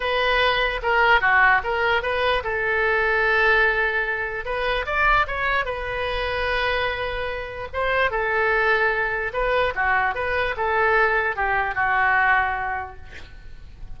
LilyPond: \new Staff \with { instrumentName = "oboe" } { \time 4/4 \tempo 4 = 148 b'2 ais'4 fis'4 | ais'4 b'4 a'2~ | a'2. b'4 | d''4 cis''4 b'2~ |
b'2. c''4 | a'2. b'4 | fis'4 b'4 a'2 | g'4 fis'2. | }